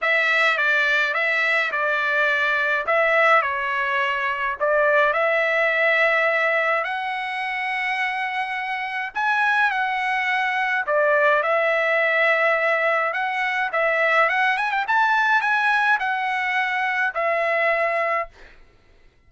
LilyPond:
\new Staff \with { instrumentName = "trumpet" } { \time 4/4 \tempo 4 = 105 e''4 d''4 e''4 d''4~ | d''4 e''4 cis''2 | d''4 e''2. | fis''1 |
gis''4 fis''2 d''4 | e''2. fis''4 | e''4 fis''8 gis''16 g''16 a''4 gis''4 | fis''2 e''2 | }